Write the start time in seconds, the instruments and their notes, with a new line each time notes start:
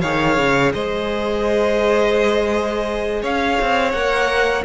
0.00 cello D#3, viola G#4, violin C#5 F5
0.37 cello C#3
0.73 cello G#3, violin C5 D#5
3.21 cello C#4, violin C#5 F5
3.61 cello C4
3.92 cello A#3, viola A#4, violin F#5